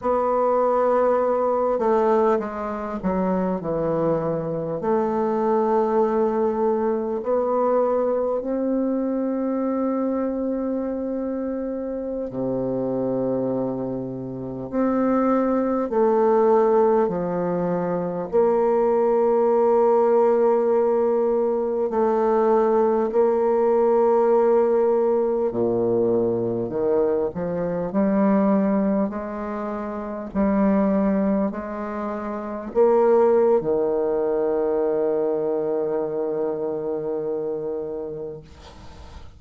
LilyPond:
\new Staff \with { instrumentName = "bassoon" } { \time 4/4 \tempo 4 = 50 b4. a8 gis8 fis8 e4 | a2 b4 c'4~ | c'2~ c'16 c4.~ c16~ | c16 c'4 a4 f4 ais8.~ |
ais2~ ais16 a4 ais8.~ | ais4~ ais16 ais,4 dis8 f8 g8.~ | g16 gis4 g4 gis4 ais8. | dis1 | }